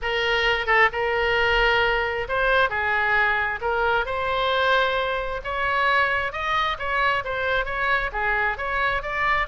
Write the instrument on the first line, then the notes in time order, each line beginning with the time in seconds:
oboe
0.01 A#4
0.66 A4
0.92 A#4
2.28 C5
2.69 G#4
3.61 A#4
4.05 C5
5.43 C#5
6.32 D#5
6.78 C#5
7.24 C5
7.65 C#5
8.12 G#4
8.57 C#5
9.02 D5